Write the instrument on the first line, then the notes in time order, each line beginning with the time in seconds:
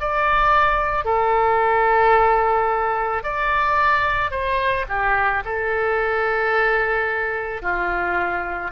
oboe
0.00 D5
1.05 A4
3.23 D5
4.31 C5
4.88 G4
5.45 A4
7.62 F4